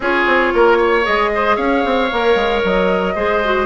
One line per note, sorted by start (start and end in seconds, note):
0.00 0.25 C#4
0.00 1.03 F4
0.00 0.53 G#4
0.00 1.05 C#5
0.26 0.52 C4
0.54 1.06 A#3
0.54 0.77 A#4
0.77 1.30 C#5
1.03 1.57 G#3
1.03 2.08 G#4
1.03 1.56 D#5
1.34 1.55 C5
1.55 1.84 C#4
1.55 3.13 C#5
1.55 2.61 F5
1.84 2.11 C4
2.11 2.35 A#3
2.11 3.15 A#4
2.35 2.61 G#3
2.64 3.15 F#3
2.64 3.66 D#5
3.15 3.66 G#3
3.15 3.42 G#4
3.15 3.66 C5
3.44 3.66 F#4